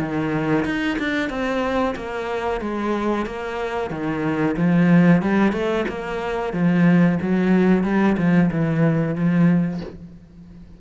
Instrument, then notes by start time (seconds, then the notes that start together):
cello
0.00 D#3
0.66 D#4
0.99 D4
1.30 C4
1.96 A#3
2.61 G#3
3.26 A#3
3.91 D#3
4.57 F3
5.23 G3
5.53 A3
5.89 A#3
6.54 F3
7.22 F#3
7.84 G3
8.18 F3
8.52 E3
9.16 F3